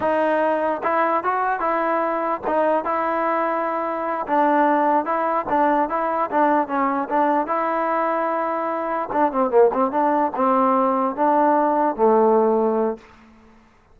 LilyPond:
\new Staff \with { instrumentName = "trombone" } { \time 4/4 \tempo 4 = 148 dis'2 e'4 fis'4 | e'2 dis'4 e'4~ | e'2~ e'8 d'4.~ | d'8 e'4 d'4 e'4 d'8~ |
d'8 cis'4 d'4 e'4.~ | e'2~ e'8 d'8 c'8 ais8 | c'8 d'4 c'2 d'8~ | d'4. a2~ a8 | }